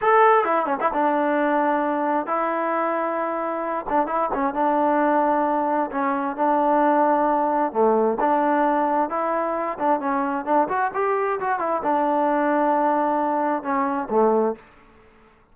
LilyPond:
\new Staff \with { instrumentName = "trombone" } { \time 4/4 \tempo 4 = 132 a'4 e'8 cis'16 e'16 d'2~ | d'4 e'2.~ | e'8 d'8 e'8 cis'8 d'2~ | d'4 cis'4 d'2~ |
d'4 a4 d'2 | e'4. d'8 cis'4 d'8 fis'8 | g'4 fis'8 e'8 d'2~ | d'2 cis'4 a4 | }